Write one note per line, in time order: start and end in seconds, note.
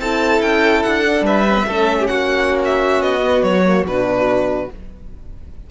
0.00 0.42 C4
0.00 1.06 E4
0.00 1.25 A4
0.00 0.42 A5
0.42 0.84 C#4
0.42 0.83 G5
0.83 1.22 D4
0.83 1.25 F#5
1.06 1.47 D4
1.22 1.64 G3
1.22 1.67 B4
1.22 2.07 E5
1.48 1.57 C#4
1.57 1.67 B3
1.67 2.09 A3
1.67 3.22 C#4
1.67 1.99 A4
2.00 2.10 G4
2.07 3.01 A#3
2.07 4.71 F#4
2.07 2.59 F#5
2.66 3.03 E5
3.01 3.43 B3
3.01 3.44 D#5
3.22 3.64 B3
3.44 3.84 F#3
3.44 3.85 C#5
3.66 3.87 A#3
3.84 4.68 B2
3.84 4.71 D4
3.84 4.71 B4